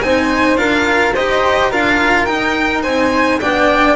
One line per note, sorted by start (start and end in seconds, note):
0.00 0.56 C4
0.00 0.57 D#4
0.00 0.59 C5
0.00 0.56 G#5
0.56 1.12 D4
0.56 1.14 F4
0.56 1.13 A#4
0.56 1.13 F5
1.13 1.72 D#4
1.13 1.72 G4
1.13 1.70 C5
1.13 1.71 D#5
1.70 2.27 D4
1.70 2.27 F4
1.70 2.82 A#4
1.70 2.25 F5
2.25 3.40 D#4
2.25 2.84 D#4
2.25 2.81 G5
2.82 3.40 C4
2.82 3.39 C5
2.82 3.39 G#5
3.40 3.95 B3
3.40 3.95 D4
3.40 3.95 D5
3.40 3.95 G5